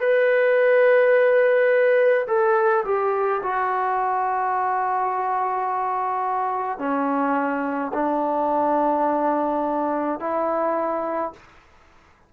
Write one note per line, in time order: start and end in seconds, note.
0.00 2.26 B4
2.27 2.84 A4
2.85 3.42 G4
3.43 6.78 F#4
6.78 7.91 C#4
7.93 10.20 D4
10.20 11.33 E4